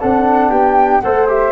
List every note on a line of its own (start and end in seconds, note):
0.00 0.50 C4
0.00 1.03 D4
0.00 0.50 A4
0.00 0.52 F#5
0.50 1.01 B3
0.50 1.01 G4
0.50 1.01 G5
1.01 1.52 A3
1.01 1.29 A4
1.01 1.52 C5
1.01 1.27 F#5
1.29 1.52 G4
1.29 1.52 E5